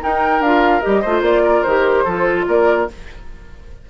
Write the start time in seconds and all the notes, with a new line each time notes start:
0.00 D#4 A#4 G5
0.40 D4 F4 F5
0.81 G3 G4 D#5
1.01 A3 F4 C5
1.21 A#3 D5
1.43 A#4
1.63 D#3 G4 C5
2.04 F3 F4 A4
2.47 A#3 A#4 D5